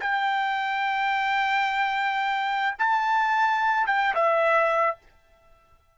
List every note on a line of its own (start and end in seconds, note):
0.00 2.75 G5
2.78 3.87 A5
3.87 4.14 G5
4.14 4.97 E5